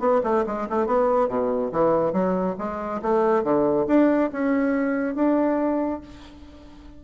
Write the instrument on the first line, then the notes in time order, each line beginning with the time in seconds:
bassoon
0.00 B3
0.24 A3
0.47 G#3
0.70 A3
0.87 B3
1.29 B2
1.72 E3
2.13 F#3
2.59 G#3
3.02 A3
3.44 D3
3.88 D4
4.33 C#4
5.15 D4